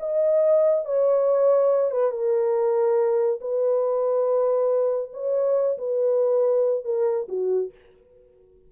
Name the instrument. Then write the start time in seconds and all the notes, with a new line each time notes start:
horn
0.00 D#5
0.86 C#5
1.92 B4
2.12 A#4
3.41 B4
5.14 C#5
5.79 B4
6.85 A#4
7.29 F#4